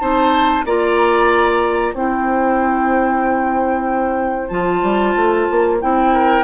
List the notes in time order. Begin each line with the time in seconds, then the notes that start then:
0.00 C4 D#4 C5 A5
0.65 A#3 F4 D5 A#5
1.94 C4 E4 C5 G5
4.48 F3 F4 A5
4.82 G3
5.16 A3
5.51 A#3
5.81 C4 E4 G5
6.13 A#4